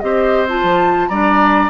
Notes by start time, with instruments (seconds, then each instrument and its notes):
0.00 bassoon C4, clarinet G4, oboe C5, flute D#5
0.48 clarinet F4, flute A5
0.63 bassoon F3
1.09 bassoon G3, clarinet D4, oboe D5, flute A#5